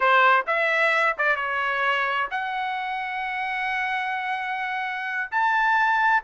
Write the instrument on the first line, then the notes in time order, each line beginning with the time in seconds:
trumpet
0.00 C5
0.47 E5
1.18 D5
1.36 C#5
2.30 F#5
5.31 A5